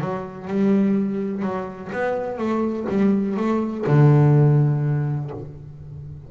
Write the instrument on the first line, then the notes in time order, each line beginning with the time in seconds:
double bass
0.00 F#3
0.48 G3
1.42 F#3
1.92 B3
2.38 A3
2.89 G3
3.37 A3
3.86 D3